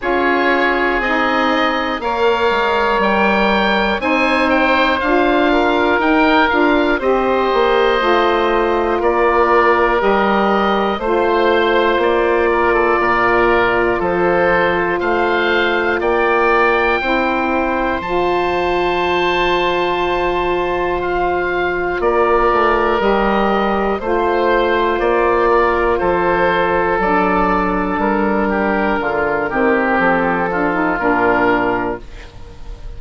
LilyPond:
<<
  \new Staff \with { instrumentName = "oboe" } { \time 4/4 \tempo 4 = 60 cis''4 dis''4 f''4 g''4 | gis''8 g''8 f''4 g''8 f''8 dis''4~ | dis''4 d''4 dis''4 c''4 | d''2 c''4 f''4 |
g''2 a''2~ | a''4 f''4 d''4 dis''4 | c''4 d''4 c''4 d''4 | ais'2 a'4 ais'4 | }
  \new Staff \with { instrumentName = "oboe" } { \time 4/4 gis'2 cis''2 | c''4. ais'4. c''4~ | c''4 ais'2 c''4~ | c''8 ais'16 a'16 ais'4 a'4 c''4 |
d''4 c''2.~ | c''2 ais'2 | c''4. ais'8 a'2~ | a'8 g'8 f'8 g'4 f'4. | }
  \new Staff \with { instrumentName = "saxophone" } { \time 4/4 f'4 dis'4 ais'2 | dis'4 f'4 dis'8 f'8 g'4 | f'2 g'4 f'4~ | f'1~ |
f'4 e'4 f'2~ | f'2. g'4 | f'2. d'4~ | d'4. c'4 d'16 dis'16 d'4 | }
  \new Staff \with { instrumentName = "bassoon" } { \time 4/4 cis'4 c'4 ais8 gis8 g4 | c'4 d'4 dis'8 d'8 c'8 ais8 | a4 ais4 g4 a4 | ais4 ais,4 f4 a4 |
ais4 c'4 f2~ | f2 ais8 a8 g4 | a4 ais4 f4 fis4 | g4 d8 dis8 f4 ais,4 | }
>>